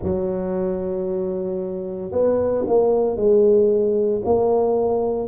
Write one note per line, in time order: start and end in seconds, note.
0.02 2.11 F#3
2.11 2.64 B3
2.67 3.16 A#3
3.16 4.21 G#3
4.24 5.28 A#3